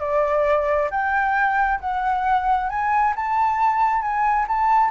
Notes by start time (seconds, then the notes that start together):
0.00 D5
0.91 G5
1.80 F#5
2.69 G#5
3.16 A5
4.01 G#5
4.48 A5